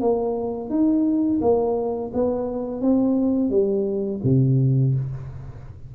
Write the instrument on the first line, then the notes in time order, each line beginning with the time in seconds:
tuba
0.00 A#3
0.69 D#4
1.41 A#3
2.13 B3
2.81 C4
3.50 G3
4.23 C3